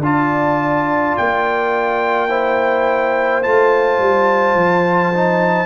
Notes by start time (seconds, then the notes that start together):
0.00 D4 F4 D5 A5
1.17 A#3 G5
2.29 E4 C5
3.43 A3 F4 A5
3.99 G3
4.55 F3
5.14 D#4